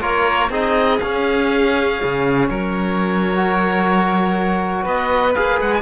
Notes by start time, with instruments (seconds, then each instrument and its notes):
0.00 cello A#3, trombone F4, violin A#4, oboe C#5
0.49 cello C4, trombone D#4, violin G#4, oboe D#5
0.99 cello C#4, trombone C#4, oboe F5
2.03 cello C#3
2.49 cello F#3, violin A#4, oboe C#5
3.36 trombone F#4
4.82 cello B3, violin B4, oboe D#5
5.34 cello A#3, trombone G#4, oboe F5
5.61 cello G#3, oboe F#5
5.74 oboe G#5